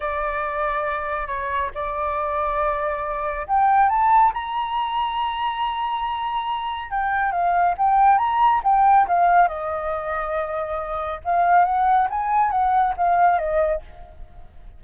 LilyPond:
\new Staff \with { instrumentName = "flute" } { \time 4/4 \tempo 4 = 139 d''2. cis''4 | d''1 | g''4 a''4 ais''2~ | ais''1 |
g''4 f''4 g''4 ais''4 | g''4 f''4 dis''2~ | dis''2 f''4 fis''4 | gis''4 fis''4 f''4 dis''4 | }